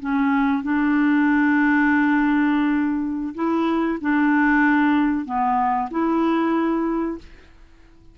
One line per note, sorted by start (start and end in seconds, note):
0.00 0.63 C#4
0.63 3.35 D4
3.35 3.99 E4
4.01 5.26 D4
5.26 5.90 B3
5.91 7.19 E4